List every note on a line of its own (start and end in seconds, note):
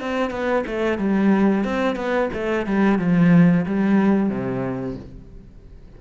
0.00 0.30 C4
0.30 0.64 B3
0.66 0.98 A3
0.98 1.64 G3
1.64 1.96 C4
1.96 2.29 B3
2.33 2.66 A3
2.66 2.98 G3
2.98 3.65 F3
3.65 4.29 G3
4.29 4.96 C3